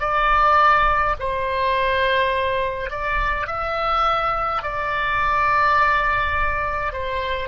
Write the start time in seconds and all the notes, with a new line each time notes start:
0.00 D5
1.20 C5
2.90 D5
3.47 E5
4.63 D5
6.93 C5